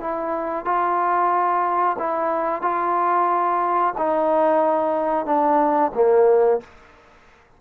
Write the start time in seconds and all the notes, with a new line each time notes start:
0.00 E4
0.65 F4
1.99 E4
2.62 F4
3.98 D#4
5.26 D4
5.95 A#3